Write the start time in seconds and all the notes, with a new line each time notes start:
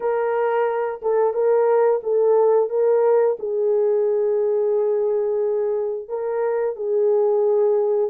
0.00 A#4
1.02 A4
1.33 A#4
2.03 A4
2.69 A#4
3.39 G#4
6.08 A#4
6.76 G#4